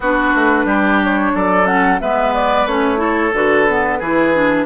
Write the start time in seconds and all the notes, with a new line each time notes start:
0.00 B3 D4 F#4 B4
0.34 A3
0.65 G3 G4
1.03 C#5
1.34 F#3 A4 D5
1.65 C#4 F#5
2.00 G#3 B3 B4 E5
2.34 D5
2.66 A3 C#4 C#5
2.97 E4 A4
3.32 D3 F#4 B4
3.68 B3
3.98 E3 E4 G#4
4.34 D4